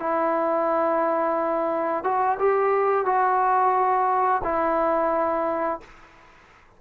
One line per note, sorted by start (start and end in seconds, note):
0.00 2.04 E4
2.04 2.38 F#4
2.39 3.05 G4
3.05 4.42 F#4
4.44 5.80 E4